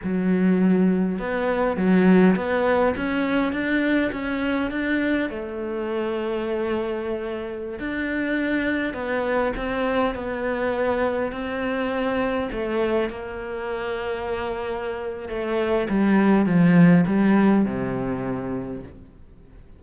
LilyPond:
\new Staff \with { instrumentName = "cello" } { \time 4/4 \tempo 4 = 102 fis2 b4 fis4 | b4 cis'4 d'4 cis'4 | d'4 a2.~ | a4~ a16 d'2 b8.~ |
b16 c'4 b2 c'8.~ | c'4~ c'16 a4 ais4.~ ais16~ | ais2 a4 g4 | f4 g4 c2 | }